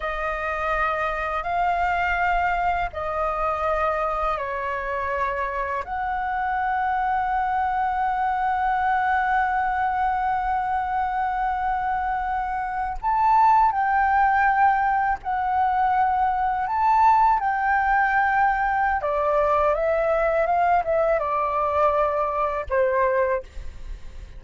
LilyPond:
\new Staff \with { instrumentName = "flute" } { \time 4/4 \tempo 4 = 82 dis''2 f''2 | dis''2 cis''2 | fis''1~ | fis''1~ |
fis''4.~ fis''16 a''4 g''4~ g''16~ | g''8. fis''2 a''4 g''16~ | g''2 d''4 e''4 | f''8 e''8 d''2 c''4 | }